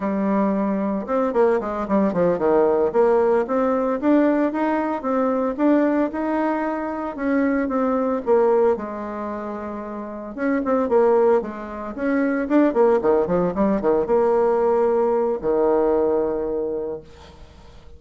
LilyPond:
\new Staff \with { instrumentName = "bassoon" } { \time 4/4 \tempo 4 = 113 g2 c'8 ais8 gis8 g8 | f8 dis4 ais4 c'4 d'8~ | d'8 dis'4 c'4 d'4 dis'8~ | dis'4. cis'4 c'4 ais8~ |
ais8 gis2. cis'8 | c'8 ais4 gis4 cis'4 d'8 | ais8 dis8 f8 g8 dis8 ais4.~ | ais4 dis2. | }